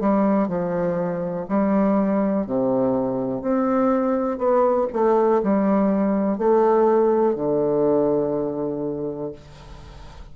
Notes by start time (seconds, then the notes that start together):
0.00 G3
0.48 F3
1.48 G3
2.46 C3
3.42 C4
4.38 B3
4.93 A3
5.43 G3
6.38 A3
7.35 D3